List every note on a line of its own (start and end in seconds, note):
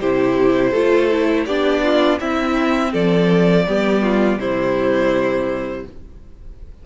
0.00 0.73 C3
0.00 0.75 E4
0.00 0.71 G4
0.00 1.46 C5
0.71 1.46 A3
0.71 1.11 F4
0.71 1.44 A4
1.11 1.47 E4
1.46 2.19 B3
1.46 2.19 D4
1.46 1.83 G4
1.46 2.19 D5
1.83 2.20 F4
2.19 3.66 C4
2.19 2.93 C4
2.19 2.92 E4
2.19 2.93 E5
2.92 3.67 F3
2.92 3.65 A4
2.92 4.40 D5
3.67 4.37 G3
3.67 4.39 B3
3.67 4.02 G4
4.02 4.39 F4
4.37 5.83 C3
4.37 5.86 G3
4.37 5.86 E4
4.37 5.86 C5